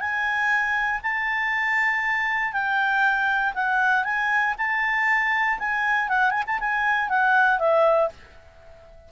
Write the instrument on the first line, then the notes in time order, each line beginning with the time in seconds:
clarinet
0.00 G#5
1.02 A5
2.52 G5
3.54 F#5
4.04 G#5
4.57 A5
5.59 G#5
6.08 F#5
6.30 G#5
6.46 A5
6.60 G#5
7.09 F#5
7.59 E5